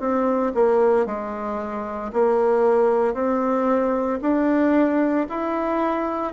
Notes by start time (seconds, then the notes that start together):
0.00 C4
0.55 A#3
1.07 G#3
2.13 A#3
3.14 C4
4.22 D4
5.30 E4